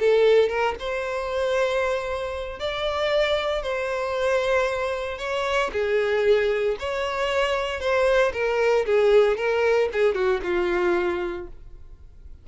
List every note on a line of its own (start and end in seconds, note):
0.00 0.49 A4
0.49 0.75 A#4
0.80 2.60 C5
2.60 3.63 D5
3.63 5.19 C5
5.19 5.71 C#5
5.73 6.77 G#4
6.80 7.81 C#5
7.81 8.33 C5
8.33 8.86 A#4
8.86 9.37 G#4
9.37 9.89 A#4
9.93 10.15 G#4
10.15 10.41 F#4
10.43 11.48 F4